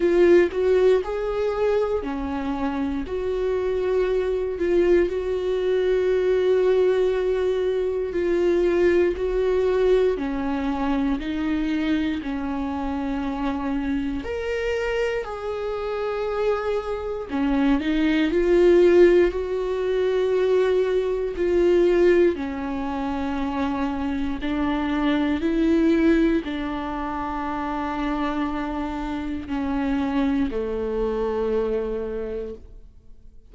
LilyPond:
\new Staff \with { instrumentName = "viola" } { \time 4/4 \tempo 4 = 59 f'8 fis'8 gis'4 cis'4 fis'4~ | fis'8 f'8 fis'2. | f'4 fis'4 cis'4 dis'4 | cis'2 ais'4 gis'4~ |
gis'4 cis'8 dis'8 f'4 fis'4~ | fis'4 f'4 cis'2 | d'4 e'4 d'2~ | d'4 cis'4 a2 | }